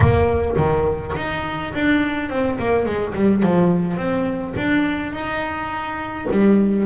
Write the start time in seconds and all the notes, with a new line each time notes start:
0.00 A#3
0.56 D#3
1.16 D#4
1.74 D4
2.29 C4
2.59 A#3
2.85 G#3
3.14 G3
3.43 F3
3.97 C4
4.56 D4
5.12 D#4
6.30 G3